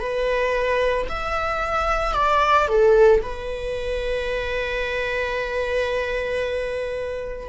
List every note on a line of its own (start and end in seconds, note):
0.00 1.07 B4
1.09 2.14 E5
2.14 2.68 D5
2.68 3.21 A4
3.22 7.49 B4